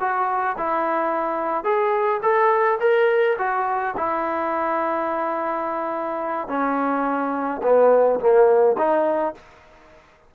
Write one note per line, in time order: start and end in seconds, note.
0.00 0.57 F#4
0.58 1.64 E4
1.64 2.21 G#4
2.23 2.79 A4
2.80 3.37 A#4
3.38 3.95 F#4
3.97 6.48 E4
6.48 7.61 C#4
7.63 8.20 B3
8.20 8.77 A#3
8.78 9.35 D#4